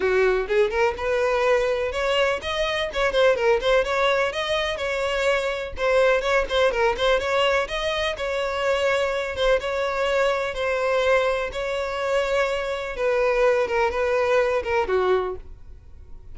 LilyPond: \new Staff \with { instrumentName = "violin" } { \time 4/4 \tempo 4 = 125 fis'4 gis'8 ais'8 b'2 | cis''4 dis''4 cis''8 c''8 ais'8 c''8 | cis''4 dis''4 cis''2 | c''4 cis''8 c''8 ais'8 c''8 cis''4 |
dis''4 cis''2~ cis''8 c''8 | cis''2 c''2 | cis''2. b'4~ | b'8 ais'8 b'4. ais'8 fis'4 | }